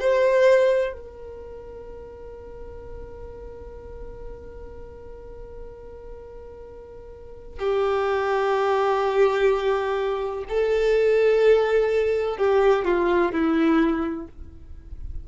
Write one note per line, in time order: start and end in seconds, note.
0.00 0.94 C5
0.94 7.59 A#4
7.59 10.45 G4
10.49 12.38 A4
12.38 12.85 G4
12.85 13.32 F4
13.32 14.28 E4